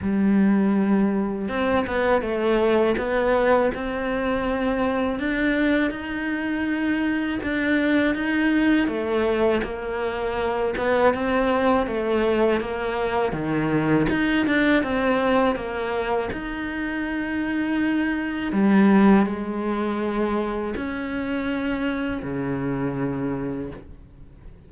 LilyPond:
\new Staff \with { instrumentName = "cello" } { \time 4/4 \tempo 4 = 81 g2 c'8 b8 a4 | b4 c'2 d'4 | dis'2 d'4 dis'4 | a4 ais4. b8 c'4 |
a4 ais4 dis4 dis'8 d'8 | c'4 ais4 dis'2~ | dis'4 g4 gis2 | cis'2 cis2 | }